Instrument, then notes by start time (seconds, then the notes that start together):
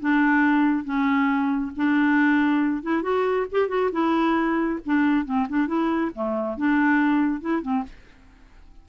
clarinet
0.00 D4
0.84 C#4
1.77 D4
2.83 E4
3.03 F#4
3.52 G4
3.69 F#4
3.92 E4
4.86 D4
5.25 C4
5.49 D4
5.68 E4
6.15 A3
6.58 D4
7.41 E4
7.62 C4